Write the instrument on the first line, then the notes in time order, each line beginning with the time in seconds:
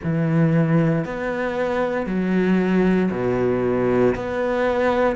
cello
0.03 E3
1.04 B3
2.06 F#3
3.11 B2
4.15 B3